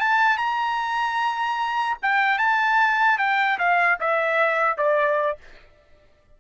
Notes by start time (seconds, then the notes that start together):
0.00 A5
0.37 A#5
2.02 G5
2.38 A5
3.18 G5
3.58 F5
4.00 E5
4.77 D5